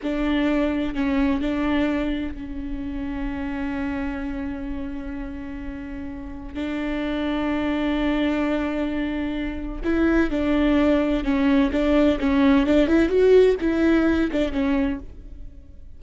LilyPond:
\new Staff \with { instrumentName = "viola" } { \time 4/4 \tempo 4 = 128 d'2 cis'4 d'4~ | d'4 cis'2.~ | cis'1~ | cis'2 d'2~ |
d'1~ | d'4 e'4 d'2 | cis'4 d'4 cis'4 d'8 e'8 | fis'4 e'4. d'8 cis'4 | }